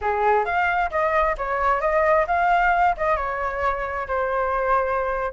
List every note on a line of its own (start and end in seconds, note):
0.01 0.45 G#4
0.45 0.90 F5
0.90 1.36 D#5
1.37 1.80 C#5
1.80 2.26 D#5
2.27 2.95 F5
2.97 3.16 D#5
3.16 4.07 C#5
4.07 5.32 C5